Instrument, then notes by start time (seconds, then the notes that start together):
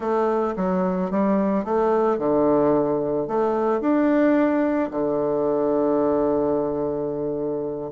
bassoon
0.00 A3
0.56 F#3
1.10 G3
1.64 A3
2.18 D3
3.27 A3
3.81 D4
4.90 D3